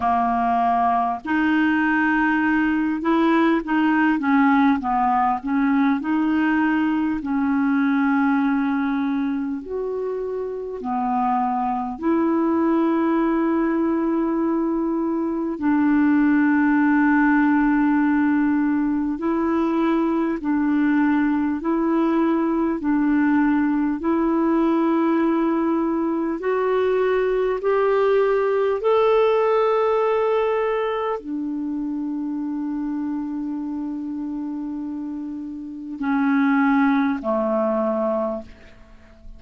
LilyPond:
\new Staff \with { instrumentName = "clarinet" } { \time 4/4 \tempo 4 = 50 ais4 dis'4. e'8 dis'8 cis'8 | b8 cis'8 dis'4 cis'2 | fis'4 b4 e'2~ | e'4 d'2. |
e'4 d'4 e'4 d'4 | e'2 fis'4 g'4 | a'2 d'2~ | d'2 cis'4 a4 | }